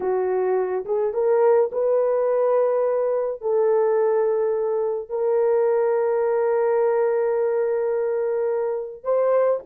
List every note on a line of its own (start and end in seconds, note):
0.00 0.85 F#4
0.85 1.13 G#4
1.13 1.70 A#4
1.72 3.41 B4
3.41 5.09 A4
5.09 9.03 A#4
9.03 9.60 C5